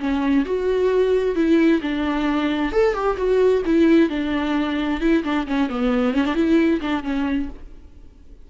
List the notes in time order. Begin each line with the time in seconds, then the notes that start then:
0.00 C#4
0.46 F#4
1.36 E4
1.82 D4
2.72 A4
2.94 G4
3.17 F#4
3.66 E4
4.10 D4
5.01 E4
5.24 D4
5.47 C#4
5.70 B3
6.14 C#4
6.26 D4
6.35 E4
6.81 D4
7.04 C#4